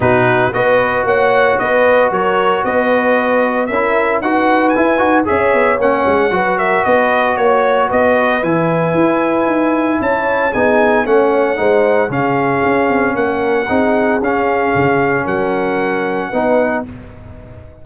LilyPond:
<<
  \new Staff \with { instrumentName = "trumpet" } { \time 4/4 \tempo 4 = 114 b'4 dis''4 fis''4 dis''4 | cis''4 dis''2 e''4 | fis''4 gis''4 e''4 fis''4~ | fis''8 e''8 dis''4 cis''4 dis''4 |
gis''2. a''4 | gis''4 fis''2 f''4~ | f''4 fis''2 f''4~ | f''4 fis''2. | }
  \new Staff \with { instrumentName = "horn" } { \time 4/4 fis'4 b'4 cis''4 b'4 | ais'4 b'2 ais'4 | b'2 cis''2 | b'8 ais'8 b'4 cis''4 b'4~ |
b'2. cis''4 | gis'4 cis''4 c''4 gis'4~ | gis'4 ais'4 gis'2~ | gis'4 ais'2 b'4 | }
  \new Staff \with { instrumentName = "trombone" } { \time 4/4 dis'4 fis'2.~ | fis'2. e'4 | fis'4 e'8 fis'8 gis'4 cis'4 | fis'1 |
e'1 | dis'4 cis'4 dis'4 cis'4~ | cis'2 dis'4 cis'4~ | cis'2. dis'4 | }
  \new Staff \with { instrumentName = "tuba" } { \time 4/4 b,4 b4 ais4 b4 | fis4 b2 cis'4 | dis'4 e'8 dis'8 cis'8 b8 ais8 gis8 | fis4 b4 ais4 b4 |
e4 e'4 dis'4 cis'4 | b4 a4 gis4 cis4 | cis'8 c'8 ais4 c'4 cis'4 | cis4 fis2 b4 | }
>>